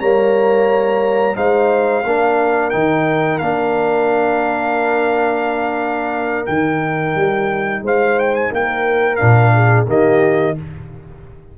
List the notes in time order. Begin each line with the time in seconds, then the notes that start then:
0.00 G3 A#3 C#5 A#5
1.35 G#3 D#4 C5 F5
2.05 A#3 D4 A#4
2.70 D#3 D#4 G5
3.39 A#3 D4 F5
6.46 D#3 D#4 G5
7.15 G3
7.82 G#3 C5 F5
8.19 G5
8.36 G#5
8.52 A#3 A#4 G5
9.16 A#2 D4 F5
9.54 G#4
9.88 D#3 A#3 G4 D#5